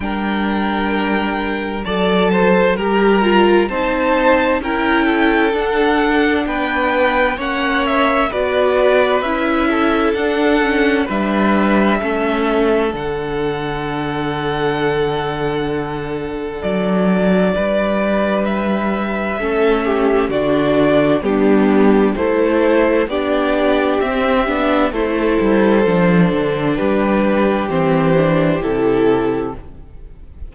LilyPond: <<
  \new Staff \with { instrumentName = "violin" } { \time 4/4 \tempo 4 = 65 g''2 a''4 ais''4 | a''4 g''4 fis''4 g''4 | fis''8 e''8 d''4 e''4 fis''4 | e''2 fis''2~ |
fis''2 d''2 | e''2 d''4 g'4 | c''4 d''4 e''4 c''4~ | c''4 b'4 c''4 a'4 | }
  \new Staff \with { instrumentName = "violin" } { \time 4/4 ais'2 d''8 c''8 ais'4 | c''4 ais'8 a'4. b'4 | cis''4 b'4. a'4. | b'4 a'2.~ |
a'2. b'4~ | b'4 a'8 g'8 fis'4 d'4 | a'4 g'2 a'4~ | a'4 g'2. | }
  \new Staff \with { instrumentName = "viola" } { \time 4/4 d'2 a'4 g'8 f'8 | dis'4 e'4 d'2 | cis'4 fis'4 e'4 d'8 cis'8 | d'4 cis'4 d'2~ |
d'1~ | d'4 cis'4 d'4 b4 | e'4 d'4 c'8 d'8 e'4 | d'2 c'8 d'8 e'4 | }
  \new Staff \with { instrumentName = "cello" } { \time 4/4 g2 fis4 g4 | c'4 cis'4 d'4 b4 | ais4 b4 cis'4 d'4 | g4 a4 d2~ |
d2 fis4 g4~ | g4 a4 d4 g4 | a4 b4 c'8 b8 a8 g8 | f8 d8 g4 e4 c4 | }
>>